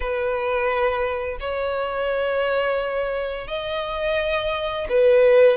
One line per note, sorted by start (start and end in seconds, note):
0.00 1.38 B4
1.40 3.47 C#5
3.47 4.87 D#5
4.89 5.57 B4